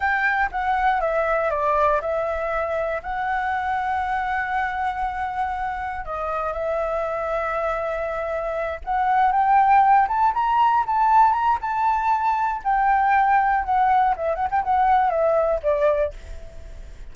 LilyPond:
\new Staff \with { instrumentName = "flute" } { \time 4/4 \tempo 4 = 119 g''4 fis''4 e''4 d''4 | e''2 fis''2~ | fis''1 | dis''4 e''2.~ |
e''4. fis''4 g''4. | a''8 ais''4 a''4 ais''8 a''4~ | a''4 g''2 fis''4 | e''8 fis''16 g''16 fis''4 e''4 d''4 | }